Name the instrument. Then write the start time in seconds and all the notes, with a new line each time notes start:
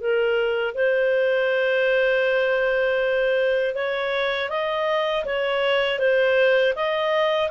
clarinet
0.00 A#4
0.74 C5
3.74 C#5
4.49 D#5
5.25 C#5
5.99 C5
6.75 D#5